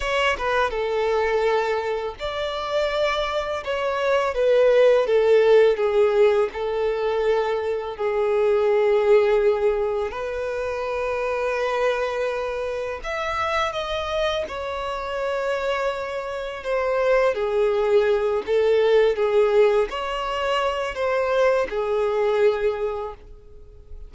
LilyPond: \new Staff \with { instrumentName = "violin" } { \time 4/4 \tempo 4 = 83 cis''8 b'8 a'2 d''4~ | d''4 cis''4 b'4 a'4 | gis'4 a'2 gis'4~ | gis'2 b'2~ |
b'2 e''4 dis''4 | cis''2. c''4 | gis'4. a'4 gis'4 cis''8~ | cis''4 c''4 gis'2 | }